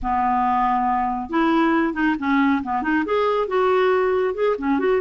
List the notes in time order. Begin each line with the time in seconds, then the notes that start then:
0.02 B3
1.29 E4
1.93 D#4
2.18 C#4
2.63 B3
2.82 D#4
3.05 G#4
3.47 F#4
4.34 G#4
4.58 C#4
4.79 F#4